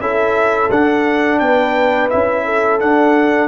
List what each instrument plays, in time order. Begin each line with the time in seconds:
0.00 tuba C#4, trombone E4, horn A4, trumpet E5
0.71 tuba D4, trombone D4, trumpet F#5
1.39 tuba B3, horn B4, trumpet G5
2.10 tuba C#4, trombone E4, trumpet E5
2.45 horn A4
2.80 trombone D4, tuba D4, trumpet F#5